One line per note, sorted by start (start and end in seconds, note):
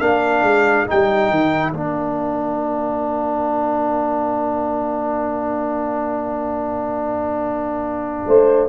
0.00 0.43 A#3
0.00 0.87 D4
0.00 8.27 A#4
0.00 0.87 F5
0.43 0.86 G#3
0.87 1.30 G3
0.87 1.74 D#4
0.87 1.72 G5
1.30 1.72 D#3
1.72 8.24 A#3
1.72 8.70 D4
1.72 8.68 F5
8.28 8.70 A3
8.28 8.70 C5